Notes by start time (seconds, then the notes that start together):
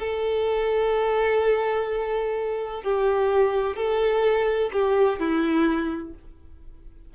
0.00 A4
2.83 G4
3.76 A4
4.73 G4
5.20 E4